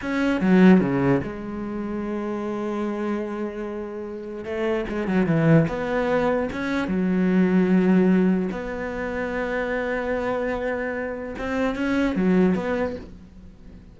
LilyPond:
\new Staff \with { instrumentName = "cello" } { \time 4/4 \tempo 4 = 148 cis'4 fis4 cis4 gis4~ | gis1~ | gis2. a4 | gis8 fis8 e4 b2 |
cis'4 fis2.~ | fis4 b2.~ | b1 | c'4 cis'4 fis4 b4 | }